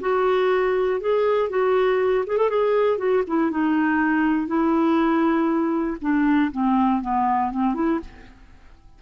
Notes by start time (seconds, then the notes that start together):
0.00 F#4
1.00 G#4
1.49 F#4
2.26 G#4
2.37 A4
2.49 G#4
2.97 F#4
3.27 E4
3.50 D#4
4.47 E4
6.01 D4
6.51 C4
7.01 B3
7.51 C4
7.74 E4